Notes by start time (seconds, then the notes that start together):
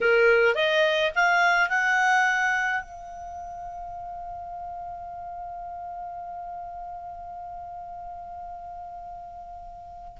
0.00 A#4
0.55 D#5
1.15 F5
1.69 F#5
2.82 F5